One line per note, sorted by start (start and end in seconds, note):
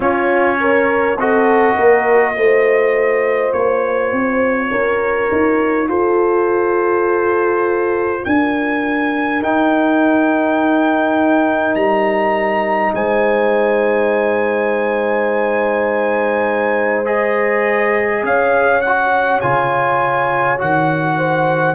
0.00 1.16 C#4
0.00 1.17 C#4
0.00 0.58 F4
0.00 1.19 C#5
0.60 1.19 A#4
1.16 1.75 C4
1.16 2.34 F#4
1.16 1.75 A4
1.16 3.52 D#5
1.75 2.35 A#3
1.75 2.34 A#4
2.34 3.52 A3
2.34 9.40 F4
2.34 4.70 C5
3.52 4.12 A#3
3.52 5.87 C#5
4.12 4.71 C4
4.70 5.30 C#4
4.70 5.88 A#4
5.31 5.87 D#4
5.87 8.23 F4
5.87 8.23 A4
5.87 8.24 C5
8.23 9.42 D4
8.23 12.93 A#4
8.23 9.42 G#5
9.41 17.05 D#4
9.41 11.74 D#4
9.41 11.75 G5
11.74 12.92 G3
11.74 12.93 A#5
12.94 18.22 G#3
12.94 18.24 C5
12.94 17.06 G#5
17.05 18.81 G#4
17.05 18.23 D#5
18.22 19.40 C#4
18.22 21.17 C#5
18.22 18.81 F5
18.81 19.42 F#4
18.81 19.39 F#5
19.40 20.61 C#3
19.40 20.58 F4
19.40 20.58 G#5
20.58 21.75 D#3
20.58 21.75 F#4
20.58 21.75 F#5
21.17 21.75 C5